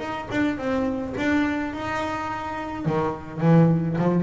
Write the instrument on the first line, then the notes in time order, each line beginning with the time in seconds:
double bass
0.00 D#4
0.31 D4
0.58 C4
1.17 D4
1.74 D#4
2.86 D#3
3.41 E3
3.99 F3